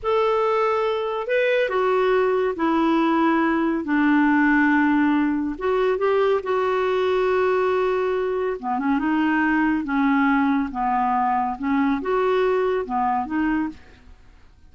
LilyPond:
\new Staff \with { instrumentName = "clarinet" } { \time 4/4 \tempo 4 = 140 a'2. b'4 | fis'2 e'2~ | e'4 d'2.~ | d'4 fis'4 g'4 fis'4~ |
fis'1 | b8 cis'8 dis'2 cis'4~ | cis'4 b2 cis'4 | fis'2 b4 dis'4 | }